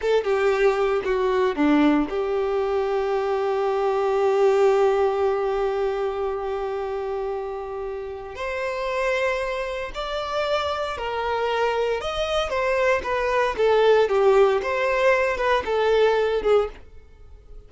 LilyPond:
\new Staff \with { instrumentName = "violin" } { \time 4/4 \tempo 4 = 115 a'8 g'4. fis'4 d'4 | g'1~ | g'1~ | g'1 |
c''2. d''4~ | d''4 ais'2 dis''4 | c''4 b'4 a'4 g'4 | c''4. b'8 a'4. gis'8 | }